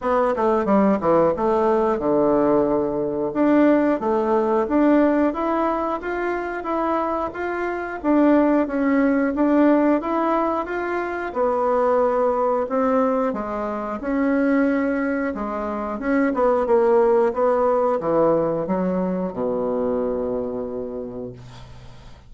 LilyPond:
\new Staff \with { instrumentName = "bassoon" } { \time 4/4 \tempo 4 = 90 b8 a8 g8 e8 a4 d4~ | d4 d'4 a4 d'4 | e'4 f'4 e'4 f'4 | d'4 cis'4 d'4 e'4 |
f'4 b2 c'4 | gis4 cis'2 gis4 | cis'8 b8 ais4 b4 e4 | fis4 b,2. | }